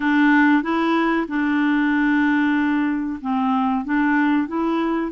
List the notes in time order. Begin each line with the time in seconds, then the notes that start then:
0.00 D4
0.62 E4
1.28 D4
3.21 C4
3.84 D4
4.47 E4